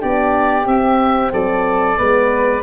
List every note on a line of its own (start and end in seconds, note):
0.00 0.66 B3
0.00 0.65 D4
0.00 1.31 G4
0.00 0.68 D5
0.66 1.31 C4
0.66 1.99 C4
0.66 1.33 E5
1.33 1.98 F#3
1.33 1.98 A4
1.33 2.63 D5
1.98 2.63 G#3
1.98 2.63 B3
1.98 2.63 B4